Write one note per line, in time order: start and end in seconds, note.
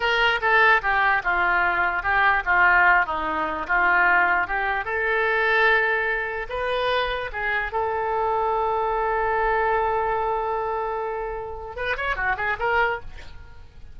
0.00 0.40 A#4
0.41 0.81 A4
0.81 1.22 G4
1.23 2.03 F4
2.03 2.43 G4
2.45 3.06 F4
3.06 3.67 D#4
3.67 4.47 F4
4.47 4.84 G4
4.84 6.47 A4
6.49 7.30 B4
7.32 7.71 G#4
7.71 11.76 A4
11.76 11.96 B4
11.96 12.15 C#5
12.15 12.36 F#4
12.36 12.57 G#4
12.59 12.99 A#4